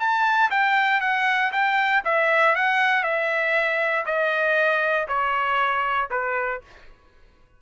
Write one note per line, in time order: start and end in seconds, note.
0.00 0.51 A5
0.51 1.01 G5
1.01 1.52 F#5
1.53 2.03 G5
2.05 2.56 E5
2.56 3.04 F#5
3.04 4.06 E5
4.06 5.08 D#5
5.08 6.10 C#5
6.11 6.62 B4